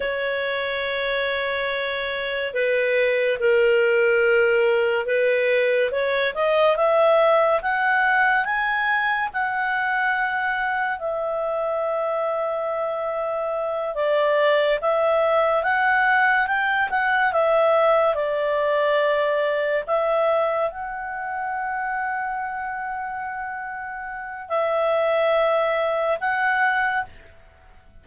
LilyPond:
\new Staff \with { instrumentName = "clarinet" } { \time 4/4 \tempo 4 = 71 cis''2. b'4 | ais'2 b'4 cis''8 dis''8 | e''4 fis''4 gis''4 fis''4~ | fis''4 e''2.~ |
e''8 d''4 e''4 fis''4 g''8 | fis''8 e''4 d''2 e''8~ | e''8 fis''2.~ fis''8~ | fis''4 e''2 fis''4 | }